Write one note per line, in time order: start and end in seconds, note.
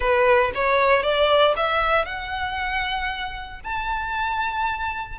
0.00 0.51 B4
0.54 1.02 C#5
1.02 1.54 D5
1.56 2.05 E5
2.05 3.60 F#5
3.63 5.18 A5